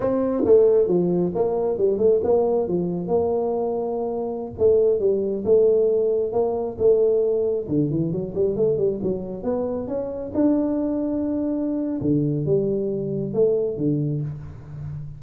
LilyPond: \new Staff \with { instrumentName = "tuba" } { \time 4/4 \tempo 4 = 135 c'4 a4 f4 ais4 | g8 a8 ais4 f4 ais4~ | ais2~ ais16 a4 g8.~ | g16 a2 ais4 a8.~ |
a4~ a16 d8 e8 fis8 g8 a8 g16~ | g16 fis4 b4 cis'4 d'8.~ | d'2. d4 | g2 a4 d4 | }